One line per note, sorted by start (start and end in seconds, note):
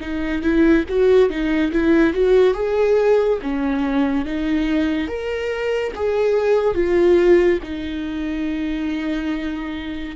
0.00 0.41 D#4
0.41 0.84 E4
0.88 1.29 F#4
1.29 1.71 D#4
1.72 2.13 E4
2.13 2.54 F#4
2.54 3.38 G#4
3.42 4.25 C#4
4.25 5.07 D#4
5.07 5.92 A#4
5.95 6.74 G#4
6.74 7.59 F4
7.62 10.16 D#4